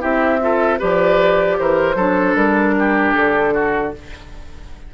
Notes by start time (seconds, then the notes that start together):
0.00 C4 E4 G4 E5
0.41 F4 A4
0.79 F3 G4 B4 D5
1.58 E3 A#4 C5
1.95 F#3 D4 A4
2.35 G3 A#4
2.79 G4
3.13 D3 A4
3.54 F#4